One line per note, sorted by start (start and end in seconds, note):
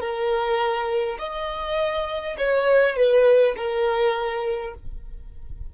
0.00 1.18 A#4
1.19 2.36 D#5
2.38 2.96 C#5
2.96 3.55 B4
3.57 4.74 A#4